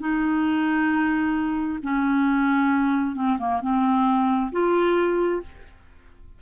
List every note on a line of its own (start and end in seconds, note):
0.00 1.79 D#4
1.83 3.16 C#4
3.16 3.38 C4
3.39 3.61 A#3
3.61 4.51 C4
4.52 5.42 F4